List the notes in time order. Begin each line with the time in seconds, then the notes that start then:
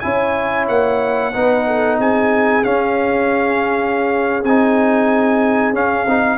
0.00 C#4 E4 C#5 G#5
0.68 A#3 F#5
1.33 B3 D#4 B4
1.67 A4
1.98 C4 G#4 G#5
2.64 C#4 F5
4.44 C4 D#4 G#5
5.73 C#4 F5
6.06 C4 D#4